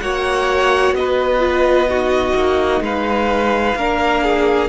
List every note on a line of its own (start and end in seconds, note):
0.00 0.92 A#3
0.00 1.39 F#4
0.00 0.96 C#5
0.00 0.94 F#5
0.92 2.32 B3
0.92 2.82 D#5
0.98 1.89 B4
1.39 1.86 F4
1.89 3.77 D#4
1.89 2.83 F#4
2.34 2.80 A#3
2.80 3.74 G#3
2.80 3.78 B4
2.80 4.69 F5
3.75 4.69 A#3
3.75 4.69 D4
3.75 4.23 A#4
4.23 4.69 G#4